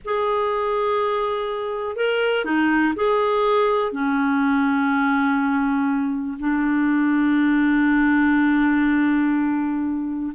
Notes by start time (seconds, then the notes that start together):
0.04 G#4
1.95 A#4
2.45 D#4
2.95 G#4
3.92 C#4
6.39 D4